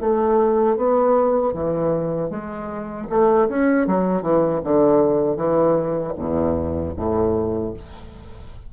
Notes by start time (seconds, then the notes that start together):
0.00 A3
0.76 B3
1.53 E3
2.30 G#3
3.09 A3
3.48 C#4
3.86 F#3
4.22 E3
4.64 D3
5.36 E3
6.16 E2
6.96 A2